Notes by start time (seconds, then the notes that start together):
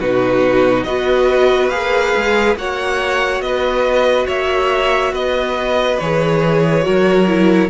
0.00 B2 D#4 F#4 B4
0.84 B3 F#4 B4 D#5
1.69 A#3 G#4 F5
2.16 G#3
2.56 A#3 F#4 C#5 F#5
3.41 B3 B4 D#5
4.27 A#3 C#5 E5
5.13 B3 B4 D#5
5.99 E3 G#4 C#5
6.82 F#3 F#4 A#4
7.27 E4